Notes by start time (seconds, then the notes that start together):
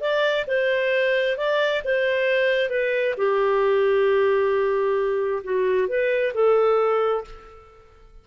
0.00 D5
0.47 C5
1.37 D5
1.84 C5
2.70 B4
3.17 G4
5.43 F#4
5.88 B4
6.34 A4